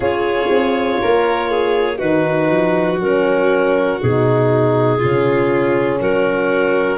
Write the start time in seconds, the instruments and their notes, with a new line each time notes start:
0.00 tuba C#4, horn F4, violin G#4, clarinet C#5
0.49 tuba C4
1.01 tuba A#3, violin A#4
1.50 violin G#4
1.98 tuba D#3, horn D#4, violin F#4, clarinet B4
2.50 tuba F3
2.98 tuba F#3, horn C#4, clarinet A#4
4.01 tuba B2, horn D#4, clarinet G#4
4.97 tuba C#3, horn C#4, violin F4
6.00 tuba F#3, violin F#4, clarinet A#4